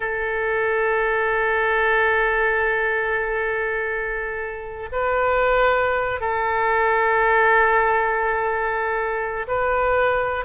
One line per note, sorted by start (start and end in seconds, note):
0.00 4.89 A4
4.92 6.20 B4
6.20 9.46 A4
9.47 10.45 B4